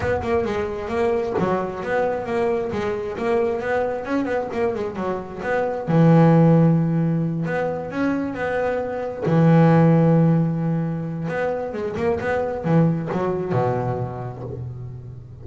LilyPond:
\new Staff \with { instrumentName = "double bass" } { \time 4/4 \tempo 4 = 133 b8 ais8 gis4 ais4 fis4 | b4 ais4 gis4 ais4 | b4 cis'8 b8 ais8 gis8 fis4 | b4 e2.~ |
e8 b4 cis'4 b4.~ | b8 e2.~ e8~ | e4 b4 gis8 ais8 b4 | e4 fis4 b,2 | }